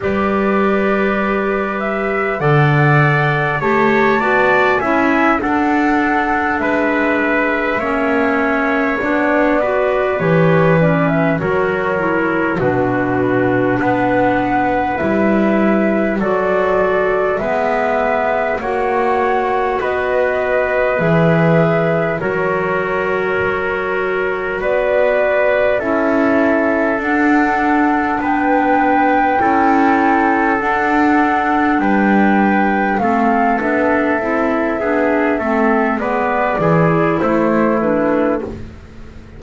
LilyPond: <<
  \new Staff \with { instrumentName = "flute" } { \time 4/4 \tempo 4 = 50 d''4. e''8 fis''4 a''4 | gis''8 fis''4 e''2 d''8~ | d''8 cis''8 d''16 e''16 cis''4 b'4 fis''8~ | fis''8 e''4 d''4 e''4 fis''8~ |
fis''8 dis''4 e''4 cis''4.~ | cis''8 d''4 e''4 fis''4 g''8~ | g''4. fis''4 g''4 f''8 | e''2 d''4 c''8 b'8 | }
  \new Staff \with { instrumentName = "trumpet" } { \time 4/4 b'2 d''4 cis''8 d''8 | e''8 a'4 b'4 cis''4. | b'4. ais'4 fis'4 b'8~ | b'4. a'4 b'4 cis''8~ |
cis''8 b'2 ais'4.~ | ais'8 b'4 a'2 b'8~ | b'8 a'2 b'4 a'8~ | a'4 gis'8 a'8 b'8 gis'8 e'4 | }
  \new Staff \with { instrumentName = "clarinet" } { \time 4/4 g'2 a'4 g'8 fis'8 | e'8 d'2 cis'4 d'8 | fis'8 g'8 cis'8 fis'8 e'8 d'4.~ | d'8 e'4 fis'4 b4 fis'8~ |
fis'4. gis'4 fis'4.~ | fis'4. e'4 d'4.~ | d'8 e'4 d'2 c'8 | d'8 e'8 d'8 c'8 b8 e'4 d'8 | }
  \new Staff \with { instrumentName = "double bass" } { \time 4/4 g2 d4 a8 b8 | cis'8 d'4 gis4 ais4 b8~ | b8 e4 fis4 b,4 b8~ | b8 g4 fis4 gis4 ais8~ |
ais8 b4 e4 fis4.~ | fis8 b4 cis'4 d'4 b8~ | b8 cis'4 d'4 g4 a8 | b8 c'8 b8 a8 gis8 e8 a4 | }
>>